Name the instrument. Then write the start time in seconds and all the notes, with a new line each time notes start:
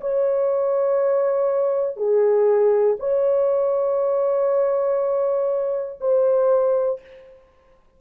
horn
0.00 C#5
1.96 G#4
2.99 C#5
6.00 C5